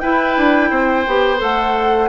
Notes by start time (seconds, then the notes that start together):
0.00 E4 B4 G5
0.37 D4
0.70 C4 C5
1.07 B3 G4
1.38 A3 A4 F#5